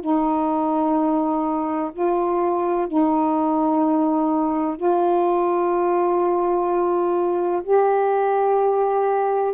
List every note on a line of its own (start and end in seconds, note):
0.00 1.90 D#4
1.92 2.87 F4
2.87 4.76 D#4
4.76 7.62 F4
7.63 9.53 G4